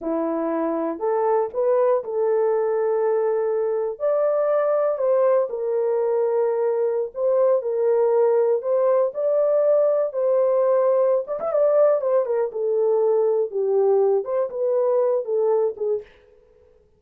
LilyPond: \new Staff \with { instrumentName = "horn" } { \time 4/4 \tempo 4 = 120 e'2 a'4 b'4 | a'1 | d''2 c''4 ais'4~ | ais'2~ ais'16 c''4 ais'8.~ |
ais'4~ ais'16 c''4 d''4.~ d''16~ | d''16 c''2~ c''16 d''16 e''16 d''4 | c''8 ais'8 a'2 g'4~ | g'8 c''8 b'4. a'4 gis'8 | }